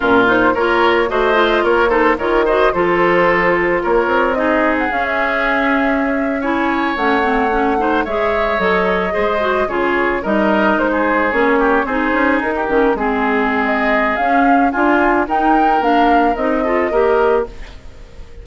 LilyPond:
<<
  \new Staff \with { instrumentName = "flute" } { \time 4/4 \tempo 4 = 110 ais'8 c''8 cis''4 dis''4 cis''8 c''8 | cis''8 dis''8 c''2 cis''4 | dis''8. fis''16 f''16 e''2~ e''8 gis''16~ | gis''8. fis''2 e''4 dis''16~ |
dis''4.~ dis''16 cis''4 dis''4 c''16~ | c''8. cis''4 c''4 ais'4 gis'16~ | gis'4 dis''4 f''4 gis''4 | g''4 f''4 dis''2 | }
  \new Staff \with { instrumentName = "oboe" } { \time 4/4 f'4 ais'4 c''4 ais'8 a'8 | ais'8 c''8 a'2 ais'4 | gis'2.~ gis'8. cis''16~ | cis''2~ cis''16 c''8 cis''4~ cis''16~ |
cis''8. c''4 gis'4 ais'4~ ais'16 | gis'4~ gis'16 g'8 gis'4~ gis'16 g'8. gis'16~ | gis'2. f'4 | ais'2~ ais'8 a'8 ais'4 | }
  \new Staff \with { instrumentName = "clarinet" } { \time 4/4 cis'8 dis'8 f'4 fis'8 f'4 dis'8 | f'8 fis'8 f'2. | dis'4 cis'2~ cis'8. e'16~ | e'8. cis'8 c'8 cis'8 dis'8 gis'4 a'16~ |
a'8. gis'8 fis'8 f'4 dis'4~ dis'16~ | dis'8. cis'4 dis'4. cis'8 c'16~ | c'2 cis'4 f'4 | dis'4 d'4 dis'8 f'8 g'4 | }
  \new Staff \with { instrumentName = "bassoon" } { \time 4/4 ais,4 ais4 a4 ais4 | dis4 f2 ais8 c'8~ | c'4 cis'2.~ | cis'8. a2 gis4 fis16~ |
fis8. gis4 cis4 g4 gis16~ | gis8. ais4 c'8 cis'8 dis'8 dis8 gis16~ | gis2 cis'4 d'4 | dis'4 ais4 c'4 ais4 | }
>>